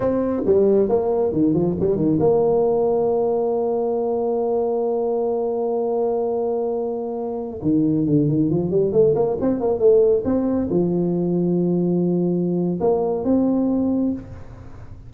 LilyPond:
\new Staff \with { instrumentName = "tuba" } { \time 4/4 \tempo 4 = 136 c'4 g4 ais4 dis8 f8 | g8 dis8 ais2.~ | ais1~ | ais1~ |
ais4~ ais16 dis4 d8 dis8 f8 g16~ | g16 a8 ais8 c'8 ais8 a4 c'8.~ | c'16 f2.~ f8.~ | f4 ais4 c'2 | }